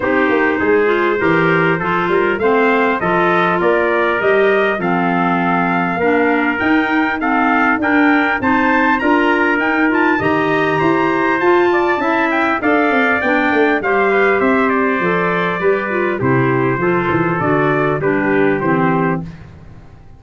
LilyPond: <<
  \new Staff \with { instrumentName = "trumpet" } { \time 4/4 \tempo 4 = 100 c''1 | f''4 dis''4 d''4 dis''4 | f''2. g''4 | f''4 g''4 a''4 ais''4 |
g''8 a''8 ais''2 a''4~ | a''8 g''8 f''4 g''4 f''4 | e''8 d''2~ d''8 c''4~ | c''4 d''4 b'4 c''4 | }
  \new Staff \with { instrumentName = "trumpet" } { \time 4/4 g'4 gis'4 ais'4 a'8 ais'8 | c''4 a'4 ais'2 | a'2 ais'2 | a'4 ais'4 c''4 ais'4~ |
ais'4 dis''4 c''4. d''8 | e''4 d''2 c''8 b'8 | c''2 b'4 g'4 | a'2 g'2 | }
  \new Staff \with { instrumentName = "clarinet" } { \time 4/4 dis'4. f'8 g'4 f'4 | c'4 f'2 g'4 | c'2 d'4 dis'4 | c'4 d'4 dis'4 f'4 |
dis'8 f'8 g'2 f'4 | e'4 a'4 d'4 g'4~ | g'4 a'4 g'8 f'8 e'4 | f'4 fis'4 d'4 c'4 | }
  \new Staff \with { instrumentName = "tuba" } { \time 4/4 c'8 ais8 gis4 e4 f8 g8 | a4 f4 ais4 g4 | f2 ais4 dis'4~ | dis'4 d'4 c'4 d'4 |
dis'4 dis4 e'4 f'4 | cis'4 d'8 c'8 b8 a8 g4 | c'4 f4 g4 c4 | f8 e8 d4 g4 e4 | }
>>